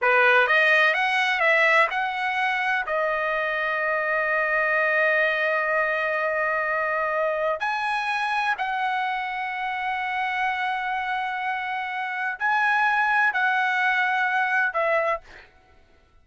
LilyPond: \new Staff \with { instrumentName = "trumpet" } { \time 4/4 \tempo 4 = 126 b'4 dis''4 fis''4 e''4 | fis''2 dis''2~ | dis''1~ | dis''1 |
gis''2 fis''2~ | fis''1~ | fis''2 gis''2 | fis''2. e''4 | }